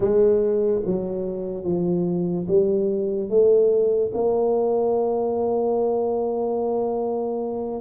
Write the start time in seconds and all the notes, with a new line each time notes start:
0.00 G#3
0.85 F#3
1.64 F3
2.47 G3
3.29 A3
4.14 A#3